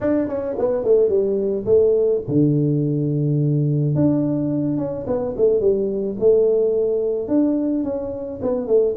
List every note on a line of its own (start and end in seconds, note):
0.00 0.28 D4
0.28 0.56 C#4
0.58 0.84 B3
0.84 1.09 A3
1.09 1.65 G3
1.65 2.21 A3
2.27 3.95 D3
3.95 4.77 D4
4.77 5.05 C#4
5.06 5.34 B3
5.36 5.60 A3
5.60 6.16 G3
6.19 7.28 A3
7.28 7.84 D4
7.84 8.40 C#4
8.41 8.67 B3
8.67 8.95 A3